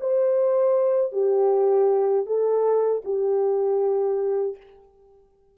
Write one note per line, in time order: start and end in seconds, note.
0.00 1.12 C5
1.12 2.25 G4
2.26 3.02 A4
3.04 4.56 G4